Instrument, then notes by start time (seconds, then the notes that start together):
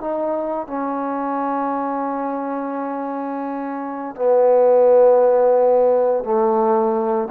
trombone
0.00 D#4
0.67 C#4
4.15 B3
6.24 A3